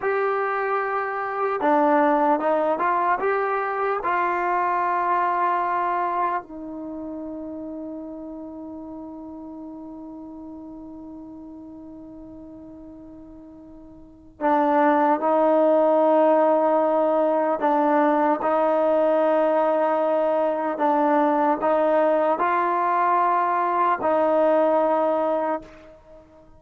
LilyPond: \new Staff \with { instrumentName = "trombone" } { \time 4/4 \tempo 4 = 75 g'2 d'4 dis'8 f'8 | g'4 f'2. | dis'1~ | dis'1~ |
dis'2 d'4 dis'4~ | dis'2 d'4 dis'4~ | dis'2 d'4 dis'4 | f'2 dis'2 | }